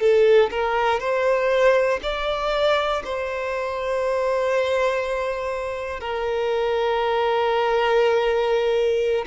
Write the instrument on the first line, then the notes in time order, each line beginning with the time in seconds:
violin
0.00 A4
0.50 A#4
1.00 C5
2.03 D5
3.04 C5
6.00 A#4